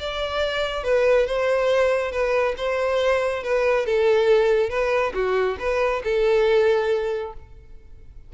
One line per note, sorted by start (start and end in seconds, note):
0.00 0.84 D5
0.84 1.27 B4
1.27 2.12 C5
2.12 2.55 B4
2.58 3.44 C5
3.44 3.86 B4
3.86 4.70 A4
4.70 5.13 B4
5.14 5.58 F#4
5.60 6.03 B4
6.04 7.34 A4